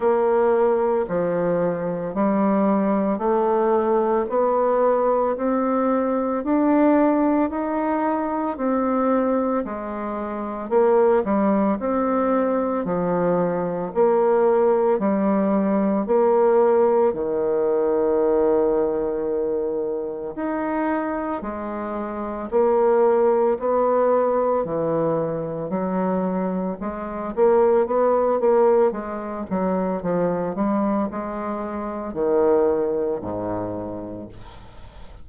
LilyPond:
\new Staff \with { instrumentName = "bassoon" } { \time 4/4 \tempo 4 = 56 ais4 f4 g4 a4 | b4 c'4 d'4 dis'4 | c'4 gis4 ais8 g8 c'4 | f4 ais4 g4 ais4 |
dis2. dis'4 | gis4 ais4 b4 e4 | fis4 gis8 ais8 b8 ais8 gis8 fis8 | f8 g8 gis4 dis4 gis,4 | }